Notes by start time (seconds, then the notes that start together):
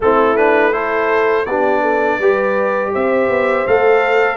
0.00 A3 C4 E4 A4
0.36 D4 B4
0.72 E4 A4 C5
1.45 B3 D4 G4 D5
1.81 A4
2.18 G3 G4 B4
2.93 C4 C5 E5
3.28 B3
3.67 A3 A4 F5